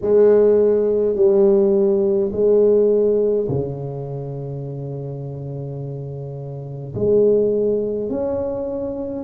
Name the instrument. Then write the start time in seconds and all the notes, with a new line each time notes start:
tuba
0.01 G#3
1.15 G3
2.32 G#3
3.48 C#3
6.94 G#3
8.09 C#4